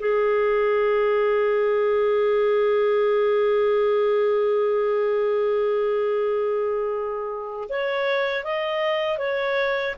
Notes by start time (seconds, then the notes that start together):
0.00 G#4
7.69 C#5
8.44 D#5
9.19 C#5